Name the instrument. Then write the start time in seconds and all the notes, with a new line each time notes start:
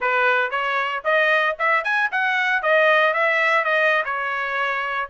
trumpet
0.00 B4
0.50 C#5
1.04 D#5
1.58 E5
1.84 G#5
2.11 F#5
2.62 D#5
3.13 E5
3.64 D#5
4.05 C#5